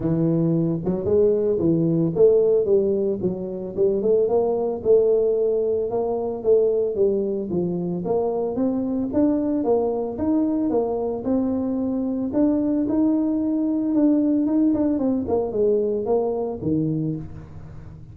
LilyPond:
\new Staff \with { instrumentName = "tuba" } { \time 4/4 \tempo 4 = 112 e4. fis8 gis4 e4 | a4 g4 fis4 g8 a8 | ais4 a2 ais4 | a4 g4 f4 ais4 |
c'4 d'4 ais4 dis'4 | ais4 c'2 d'4 | dis'2 d'4 dis'8 d'8 | c'8 ais8 gis4 ais4 dis4 | }